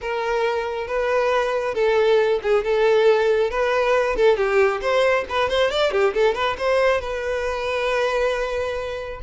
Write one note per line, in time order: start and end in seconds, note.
0.01 0.87 A#4
0.87 1.74 B4
1.74 2.40 A4
2.42 2.64 G#4
2.64 3.50 A4
3.50 4.16 B4
4.16 4.37 A4
4.37 4.80 G4
4.81 5.25 C5
5.29 5.49 B4
5.49 5.70 C5
5.70 5.91 D5
5.91 6.13 G4
6.14 6.34 A4
6.34 6.56 B4
6.58 7.01 C5
7.01 9.20 B4